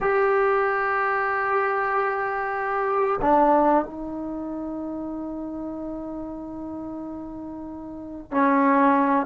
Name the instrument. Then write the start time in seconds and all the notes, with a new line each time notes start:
trombone
0.00 G4
3.21 D4
3.84 D#4
8.31 C#4